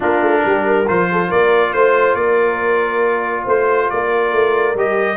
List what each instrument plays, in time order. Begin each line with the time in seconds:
0.00 tuba A#3, trombone D4, horn F4, trumpet A#4
0.21 tuba A3
0.45 tuba G3, horn G4
0.66 horn A#4
0.87 tuba F3, trombone F4, trumpet C5
1.11 horn A4
1.28 tuba A#3, horn A#4, trumpet D5
1.73 tuba A3, trumpet C5, horn C5
2.14 tuba A#3, horn A#4, trumpet D5
3.44 tuba A3, horn C5, trumpet C5
3.90 tuba A#3, horn A#4, trumpet D5
4.32 tuba A3
4.74 tuba G3, trombone G4, trumpet D#5